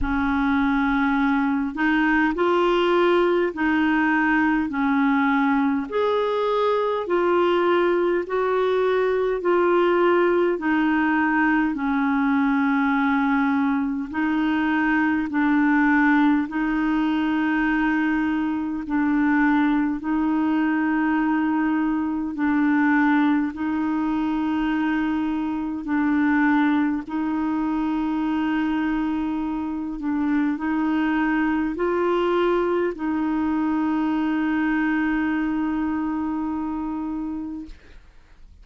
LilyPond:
\new Staff \with { instrumentName = "clarinet" } { \time 4/4 \tempo 4 = 51 cis'4. dis'8 f'4 dis'4 | cis'4 gis'4 f'4 fis'4 | f'4 dis'4 cis'2 | dis'4 d'4 dis'2 |
d'4 dis'2 d'4 | dis'2 d'4 dis'4~ | dis'4. d'8 dis'4 f'4 | dis'1 | }